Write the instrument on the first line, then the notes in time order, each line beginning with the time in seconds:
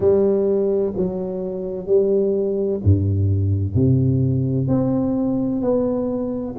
tuba
0.00 G3
0.96 F#3
1.86 G3
2.84 G2
3.75 C3
4.67 C4
5.61 B3